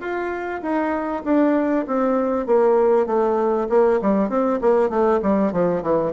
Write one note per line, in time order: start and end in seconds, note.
0.00 0.61 F4
0.62 1.23 D#4
1.24 1.86 D4
1.87 2.47 C4
2.47 3.06 A#3
3.06 3.68 A3
3.70 4.00 A#3
4.02 4.29 G3
4.29 4.60 C4
4.61 4.90 A#3
4.90 5.20 A3
5.22 5.53 G3
5.53 5.82 F3
5.82 6.13 E3